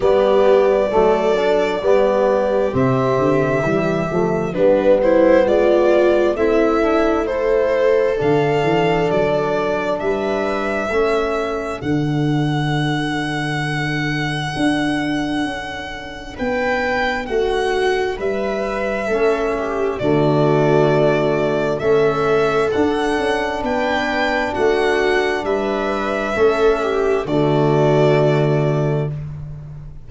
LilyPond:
<<
  \new Staff \with { instrumentName = "violin" } { \time 4/4 \tempo 4 = 66 d''2. e''4~ | e''4 b'8 c''8 d''4 e''4 | c''4 f''4 d''4 e''4~ | e''4 fis''2.~ |
fis''2 g''4 fis''4 | e''2 d''2 | e''4 fis''4 g''4 fis''4 | e''2 d''2 | }
  \new Staff \with { instrumentName = "viola" } { \time 4/4 g'4 a'4 g'2~ | g'4 d'8 e'8 f'4 e'4 | a'2. b'4 | a'1~ |
a'2 b'4 fis'4 | b'4 a'8 g'8 fis'2 | a'2 b'4 fis'4 | b'4 a'8 g'8 fis'2 | }
  \new Staff \with { instrumentName = "trombone" } { \time 4/4 b4 a8 d'8 b4 c'4 | g8 a8 b2 c'8 d'8 | e'4 d'2. | cis'4 d'2.~ |
d'1~ | d'4 cis'4 a2 | cis'4 d'2.~ | d'4 cis'4 a2 | }
  \new Staff \with { instrumentName = "tuba" } { \time 4/4 g4 fis4 g4 c8 d8 | e8 f8 g4 gis4 a4~ | a4 d8 e8 fis4 g4 | a4 d2. |
d'4 cis'4 b4 a4 | g4 a4 d2 | a4 d'8 cis'8 b4 a4 | g4 a4 d2 | }
>>